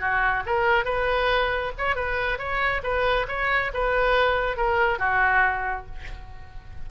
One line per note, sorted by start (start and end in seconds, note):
0.00 0.43 F#4
0.46 0.85 A#4
0.85 1.72 B4
1.78 1.96 C#5
1.96 2.39 B4
2.39 2.82 C#5
2.83 3.27 B4
3.28 3.72 C#5
3.74 4.57 B4
4.57 4.99 A#4
4.99 5.86 F#4